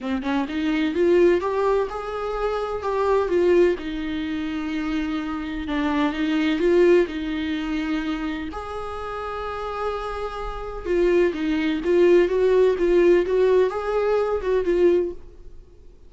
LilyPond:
\new Staff \with { instrumentName = "viola" } { \time 4/4 \tempo 4 = 127 c'8 cis'8 dis'4 f'4 g'4 | gis'2 g'4 f'4 | dis'1 | d'4 dis'4 f'4 dis'4~ |
dis'2 gis'2~ | gis'2. f'4 | dis'4 f'4 fis'4 f'4 | fis'4 gis'4. fis'8 f'4 | }